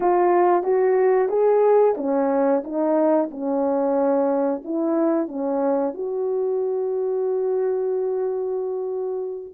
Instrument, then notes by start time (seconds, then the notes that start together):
horn
0.00 F4
0.63 F#4
1.29 G#4
1.97 C#4
2.63 D#4
3.30 C#4
4.64 E4
5.27 C#4
5.94 F#4